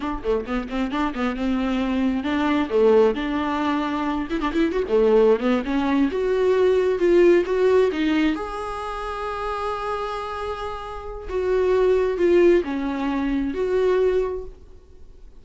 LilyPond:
\new Staff \with { instrumentName = "viola" } { \time 4/4 \tempo 4 = 133 d'8 a8 b8 c'8 d'8 b8 c'4~ | c'4 d'4 a4 d'4~ | d'4. e'16 d'16 e'8 fis'16 a4~ a16 | b8 cis'4 fis'2 f'8~ |
f'8 fis'4 dis'4 gis'4.~ | gis'1~ | gis'4 fis'2 f'4 | cis'2 fis'2 | }